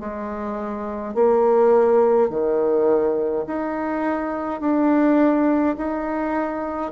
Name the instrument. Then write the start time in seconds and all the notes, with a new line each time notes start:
bassoon
0.00 G#3
1.15 A#3
2.30 D#3
3.47 D#4
4.61 D4
5.77 D#4